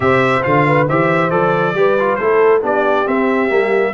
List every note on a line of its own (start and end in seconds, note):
0.00 0.42 C3
0.00 0.42 G4
0.00 0.67 C5
0.00 0.42 E5
0.42 0.89 D3
0.42 0.87 F4
0.42 0.86 F5
0.67 0.87 B4
0.87 1.31 E3
0.87 1.30 G4
0.87 1.75 C5
0.87 1.30 E5
1.30 1.74 F3
1.30 1.74 A4
1.30 2.15 D5
1.74 2.17 G3
1.74 1.98 G4
1.74 2.19 B4
1.99 2.19 F4
2.15 2.62 A3
2.15 2.61 E4
2.15 2.61 A4
2.15 2.59 C5
2.61 3.06 B3
2.61 3.05 D4
2.61 3.93 G4
2.61 3.07 D5
3.05 3.49 C4
3.05 3.50 C4
3.05 3.93 E5
3.49 3.93 G3
3.49 3.93 A#3